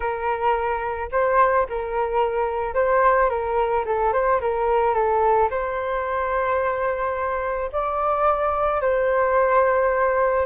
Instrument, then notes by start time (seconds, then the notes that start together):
flute
0.00 A#4
1.11 C5
1.69 A#4
2.74 C5
3.29 A#4
3.85 A4
4.13 C5
4.40 A#4
4.94 A4
5.50 C5
7.72 D5
8.81 C5